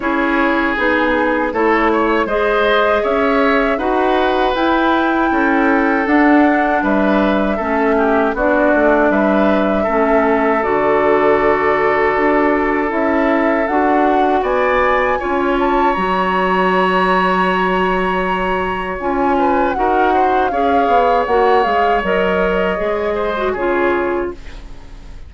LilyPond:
<<
  \new Staff \with { instrumentName = "flute" } { \time 4/4 \tempo 4 = 79 cis''4 gis'4 cis''4 dis''4 | e''4 fis''4 g''2 | fis''4 e''2 d''4 | e''2 d''2~ |
d''4 e''4 fis''4 gis''4~ | gis''8 a''8 ais''2.~ | ais''4 gis''4 fis''4 f''4 | fis''8 f''8 dis''2 cis''4 | }
  \new Staff \with { instrumentName = "oboe" } { \time 4/4 gis'2 a'8 cis''8 c''4 | cis''4 b'2 a'4~ | a'4 b'4 a'8 g'8 fis'4 | b'4 a'2.~ |
a'2. d''4 | cis''1~ | cis''4. b'8 ais'8 c''8 cis''4~ | cis''2~ cis''8 c''8 gis'4 | }
  \new Staff \with { instrumentName = "clarinet" } { \time 4/4 e'4 dis'4 e'4 gis'4~ | gis'4 fis'4 e'2 | d'2 cis'4 d'4~ | d'4 cis'4 fis'2~ |
fis'4 e'4 fis'2 | f'4 fis'2.~ | fis'4 f'4 fis'4 gis'4 | fis'8 gis'8 ais'4 gis'8. fis'16 f'4 | }
  \new Staff \with { instrumentName = "bassoon" } { \time 4/4 cis'4 b4 a4 gis4 | cis'4 dis'4 e'4 cis'4 | d'4 g4 a4 b8 a8 | g4 a4 d2 |
d'4 cis'4 d'4 b4 | cis'4 fis2.~ | fis4 cis'4 dis'4 cis'8 b8 | ais8 gis8 fis4 gis4 cis4 | }
>>